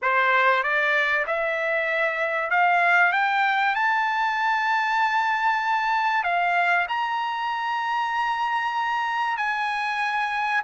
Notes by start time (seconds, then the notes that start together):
0.01 C5
0.63 D5
1.26 E5
2.50 F5
3.12 G5
3.75 A5
6.23 F5
6.88 A#5
9.37 G#5